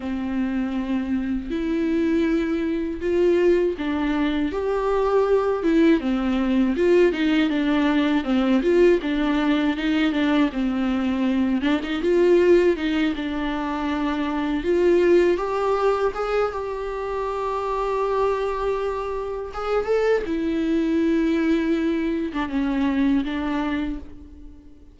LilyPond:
\new Staff \with { instrumentName = "viola" } { \time 4/4 \tempo 4 = 80 c'2 e'2 | f'4 d'4 g'4. e'8 | c'4 f'8 dis'8 d'4 c'8 f'8 | d'4 dis'8 d'8 c'4. d'16 dis'16 |
f'4 dis'8 d'2 f'8~ | f'8 g'4 gis'8 g'2~ | g'2 gis'8 a'8 e'4~ | e'4.~ e'16 d'16 cis'4 d'4 | }